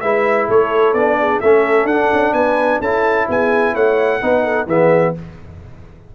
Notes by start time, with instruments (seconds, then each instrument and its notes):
0.00 tuba G#3, trombone E4, horn B4, trumpet E5
0.48 tuba A3, horn A4, trumpet C#5
0.93 tuba B3, trombone D4, trumpet D5
1.19 horn G#4
1.40 tuba A3, trombone C#4, horn A4, trumpet E5
1.84 tuba D4, trumpet F#5
1.91 trombone D4
2.12 tuba C#4
2.33 tuba B3, horn B4, trumpet G#5
2.80 tuba C#4, trombone E4, horn A4, trumpet A5
3.28 tuba B3, horn G#4, trumpet G#5
3.73 tuba A3, horn C#5, trumpet F#5
4.21 tuba B3, trombone D#4, horn B4
4.43 horn A4
4.66 tuba E3, trombone B3, horn G#4, trumpet E5